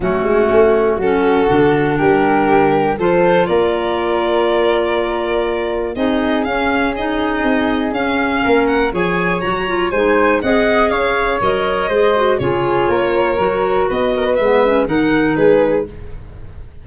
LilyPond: <<
  \new Staff \with { instrumentName = "violin" } { \time 4/4 \tempo 4 = 121 fis'2 a'2 | ais'2 c''4 d''4~ | d''1 | dis''4 f''4 dis''2 |
f''4. fis''8 gis''4 ais''4 | gis''4 fis''4 f''4 dis''4~ | dis''4 cis''2. | dis''4 e''4 fis''4 b'4 | }
  \new Staff \with { instrumentName = "flute" } { \time 4/4 cis'2 fis'2 | g'2 a'4 ais'4~ | ais'1 | gis'1~ |
gis'4 ais'4 cis''2 | c''4 dis''4 cis''2 | c''4 gis'4 ais'2 | b'8 ais'16 b'4~ b'16 ais'4 gis'4 | }
  \new Staff \with { instrumentName = "clarinet" } { \time 4/4 a2 cis'4 d'4~ | d'2 f'2~ | f'1 | dis'4 cis'4 dis'2 |
cis'2 gis'4 fis'8 f'8 | dis'4 gis'2 ais'4 | gis'8 fis'8 f'2 fis'4~ | fis'4 b8 cis'8 dis'2 | }
  \new Staff \with { instrumentName = "tuba" } { \time 4/4 fis8 gis8 a4 fis4 d4 | g2 f4 ais4~ | ais1 | c'4 cis'2 c'4 |
cis'4 ais4 f4 fis4 | gis4 c'4 cis'4 fis4 | gis4 cis4 ais4 fis4 | b4 gis4 dis4 gis4 | }
>>